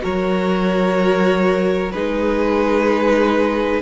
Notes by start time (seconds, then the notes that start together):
0.00 F#3 F#4 A#4 C#5
1.92 G#3 D#4 G#4 B4